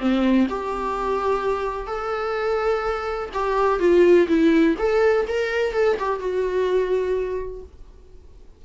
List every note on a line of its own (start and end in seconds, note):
0.00 0.48 C4
0.50 1.87 G4
1.87 3.30 A4
3.34 3.80 G4
3.80 4.27 F4
4.28 4.76 E4
4.79 5.27 A4
5.28 5.74 A#4
5.74 5.97 A4
5.99 6.20 G4
6.20 7.63 F#4